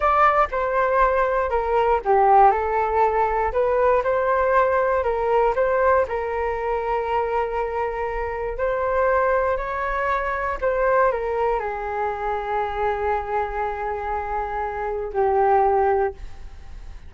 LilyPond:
\new Staff \with { instrumentName = "flute" } { \time 4/4 \tempo 4 = 119 d''4 c''2 ais'4 | g'4 a'2 b'4 | c''2 ais'4 c''4 | ais'1~ |
ais'4 c''2 cis''4~ | cis''4 c''4 ais'4 gis'4~ | gis'1~ | gis'2 g'2 | }